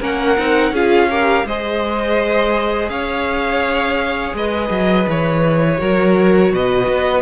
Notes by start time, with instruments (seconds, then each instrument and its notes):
0.00 cello A#3, viola C#4, violin A#4 F#5
0.38 cello C4, viola D#4
0.71 cello C#4, viola F4, violin G#4 F5
1.09 viola G4, violin A#4
1.44 cello G#3, viola G#4, violin C5 D#5
2.88 cello C#4, violin C#5 F5
4.33 cello G#3, violin B4 D#5
4.70 cello F#3
5.07 cello E3, violin C#5
5.77 cello F#3, viola F#4, violin A#4
6.51 cello B2, violin B4 D#5
6.87 cello B3